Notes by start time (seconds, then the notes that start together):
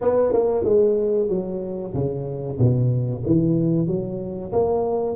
0.01 B3
0.32 A#3
0.64 G#3
1.28 F#3
1.94 C#3
2.58 B2
3.26 E3
3.87 F#3
4.52 A#3